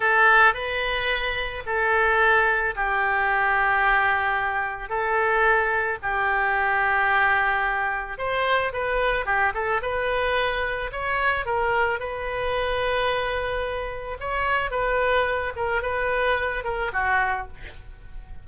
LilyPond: \new Staff \with { instrumentName = "oboe" } { \time 4/4 \tempo 4 = 110 a'4 b'2 a'4~ | a'4 g'2.~ | g'4 a'2 g'4~ | g'2. c''4 |
b'4 g'8 a'8 b'2 | cis''4 ais'4 b'2~ | b'2 cis''4 b'4~ | b'8 ais'8 b'4. ais'8 fis'4 | }